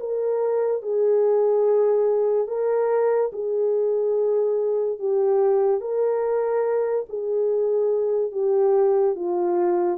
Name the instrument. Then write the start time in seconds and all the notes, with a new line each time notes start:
horn
0.00 A#4
0.82 G#4
2.48 A#4
3.33 G#4
4.99 G4
5.81 A#4
7.09 G#4
8.32 G4
9.16 F4